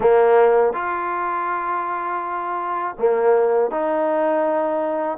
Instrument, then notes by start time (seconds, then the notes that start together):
trombone
0.00 A#3
0.73 F4
2.98 A#3
3.70 D#4